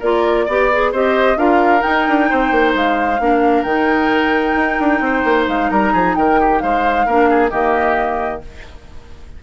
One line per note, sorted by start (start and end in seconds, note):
0.00 0.47 A#3
0.00 0.49 F4
0.00 0.45 A#4
0.00 0.93 D5
0.46 0.93 B3
0.46 0.72 G4
0.46 0.91 D5
0.73 0.95 G#4
0.92 1.37 C4
0.92 1.37 G4
0.92 1.38 C5
0.92 1.39 D#5
1.37 1.82 D4
1.37 1.80 F4
1.37 2.30 A#4
1.37 1.82 F5
1.80 3.17 D#4
1.80 2.73 G5
1.87 2.09 D#4
2.09 2.31 D4
2.30 2.52 C4
2.30 3.21 C5
2.52 2.74 A#3
2.75 3.20 G#3
2.75 3.63 F5
3.20 3.64 A#3
3.20 3.67 D4
3.20 5.05 A#4
3.63 4.55 D#3
3.63 7.08 D#4
3.63 5.45 G5
4.56 4.79 D#4
4.80 5.01 D4
5.01 5.23 C4
5.01 5.71 C5
5.25 5.48 A#3
5.48 5.71 G#3
5.48 5.70 F5
5.70 5.94 G3
5.70 5.93 A#4
5.70 6.16 A#5
5.93 6.16 F3
5.93 6.15 G#4
6.16 6.62 D#3
6.16 6.40 A#4
6.16 6.60 G5
6.40 6.63 G4
6.60 7.07 G#3
6.60 7.06 C5
6.60 7.51 F5
7.06 7.52 A#3
7.06 7.51 D4
7.06 7.29 A#4
7.30 7.51 G#4
7.51 8.43 D#3
7.51 8.42 A#3
7.51 8.42 G4
7.51 8.41 D#5